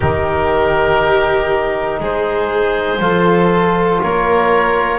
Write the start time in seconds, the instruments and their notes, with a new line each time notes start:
0.00 double bass D#3, trombone D#4, violin G4, oboe A#4
1.99 double bass G#3, violin G#4, oboe C5
2.99 double bass F3, trombone F4, violin A4
4.02 double bass A#3, violin A#4, oboe C#5